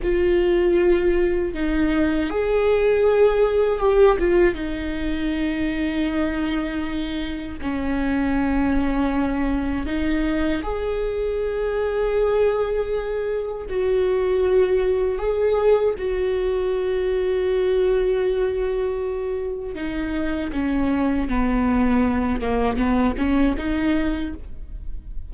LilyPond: \new Staff \with { instrumentName = "viola" } { \time 4/4 \tempo 4 = 79 f'2 dis'4 gis'4~ | gis'4 g'8 f'8 dis'2~ | dis'2 cis'2~ | cis'4 dis'4 gis'2~ |
gis'2 fis'2 | gis'4 fis'2.~ | fis'2 dis'4 cis'4 | b4. ais8 b8 cis'8 dis'4 | }